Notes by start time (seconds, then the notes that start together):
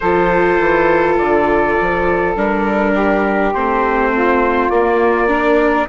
0.00 F3 F4 A4 C5
0.58 E3
1.17 D3 D5
1.80 F3
2.36 G3 D4 A#4
2.92 G4
3.53 A3 C4 C5
4.13 F4
4.69 A#3 D5
5.28 D4 A#4